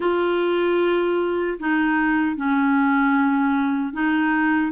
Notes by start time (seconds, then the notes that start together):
0.00 F4
1.59 D#4
2.36 C#4
3.93 D#4